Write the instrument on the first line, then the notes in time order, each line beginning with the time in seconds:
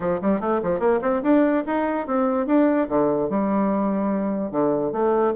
bassoon
0.00 F3
0.21 G3
0.40 A3
0.62 F3
0.79 A#3
1.01 C4
1.22 D4
1.66 D#4
2.06 C4
2.46 D4
2.88 D3
3.29 G3
4.51 D3
4.92 A3